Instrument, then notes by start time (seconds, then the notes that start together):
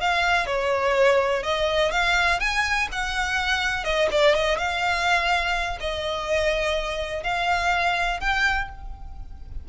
violin
0.00 F5
0.46 C#5
1.43 D#5
1.91 F5
2.40 G#5
2.92 F#5
3.84 D#5
4.11 D5
4.35 D#5
4.57 F5
5.80 D#5
7.23 F5
8.20 G5